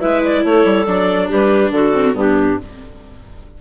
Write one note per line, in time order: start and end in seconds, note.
0.00 0.44 G#3
0.00 0.86 E4
0.00 0.43 B4
0.00 0.22 E5
0.24 0.44 D5
0.44 0.65 A3
0.44 1.28 A4
0.44 0.86 C#5
0.65 0.86 G3
0.86 1.29 F#3
0.86 1.93 D4
0.86 1.29 D5
1.28 1.71 G3
1.28 1.71 G4
1.28 1.72 B4
1.71 2.14 D3
1.71 2.16 F#4
1.71 2.15 A4
1.93 2.14 C4
2.14 2.57 G2
2.14 2.57 B3
2.14 2.61 D4
2.14 2.60 G4